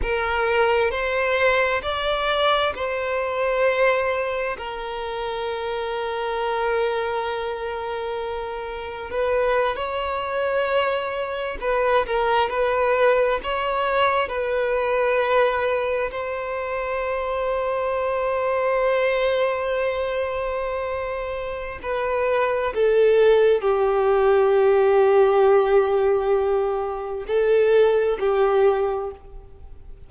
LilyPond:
\new Staff \with { instrumentName = "violin" } { \time 4/4 \tempo 4 = 66 ais'4 c''4 d''4 c''4~ | c''4 ais'2.~ | ais'2 b'8. cis''4~ cis''16~ | cis''8. b'8 ais'8 b'4 cis''4 b'16~ |
b'4.~ b'16 c''2~ c''16~ | c''1 | b'4 a'4 g'2~ | g'2 a'4 g'4 | }